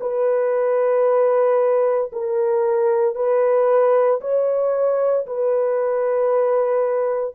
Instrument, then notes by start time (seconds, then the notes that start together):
horn
0.00 B4
2.12 A#4
3.15 B4
4.21 C#5
5.26 B4